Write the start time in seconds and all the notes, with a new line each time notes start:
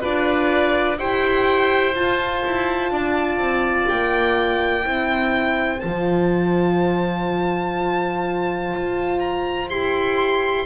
0.00 D4 F4 B4 D5
0.98 E4 G4 C5 G5
1.95 F4 A5
2.45 E4
2.90 D4 D5
3.38 C4
3.88 A#3 G5
4.82 C4 E4 C5
5.80 F3 F4 A5
8.74 F4
9.19 A#5
9.69 E4 G4 C6